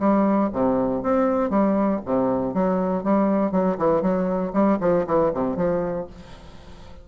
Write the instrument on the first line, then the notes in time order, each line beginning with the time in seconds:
bassoon
0.00 G3
0.53 C3
1.03 C4
1.50 G3
2.05 C3
2.54 F#3
3.04 G3
3.52 F#3
3.78 E3
4.02 F#3
4.54 G3
4.81 F3
5.07 E3
5.34 C3
5.57 F3